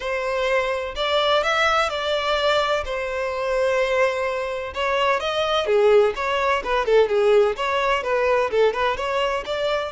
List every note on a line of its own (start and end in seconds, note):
0.00 0.94 C5
0.95 1.43 D5
1.43 1.89 E5
1.89 2.84 D5
2.84 4.73 C5
4.74 5.20 C#5
5.20 5.66 D#5
5.66 6.13 G#4
6.15 6.62 C#5
6.64 6.85 B4
6.85 7.08 A4
7.08 7.55 G#4
7.56 8.03 C#5
8.03 8.50 B4
8.51 8.73 A4
8.73 8.97 B4
8.97 9.44 C#5
9.45 9.92 D5